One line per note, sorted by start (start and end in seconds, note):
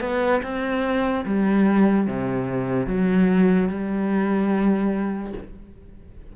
0.00 0.41 B3
0.43 1.25 C4
1.25 2.07 G3
2.07 2.87 C3
2.87 3.69 F#3
3.69 5.33 G3